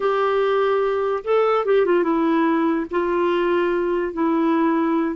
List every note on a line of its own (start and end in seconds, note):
0.00 1.23 G4
1.24 1.65 A4
1.65 1.85 G4
1.85 2.03 F4
2.03 2.86 E4
2.90 4.13 F4
4.13 5.15 E4